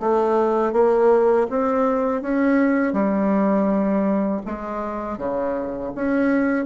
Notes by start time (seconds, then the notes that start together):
0.00 A3
0.73 A#3
1.50 C4
2.22 C#4
2.93 G3
4.46 G#3
5.18 C#3
5.95 C#4